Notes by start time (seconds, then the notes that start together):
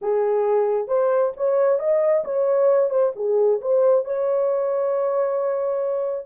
0.01 G#4
0.87 C5
1.37 C#5
1.79 D#5
2.24 C#5
2.90 C5
3.15 G#4
3.61 C5
4.04 C#5